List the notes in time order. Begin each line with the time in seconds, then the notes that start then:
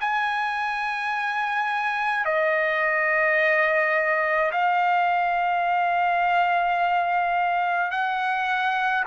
0.00 G#5
2.25 D#5
4.51 F5
7.90 F#5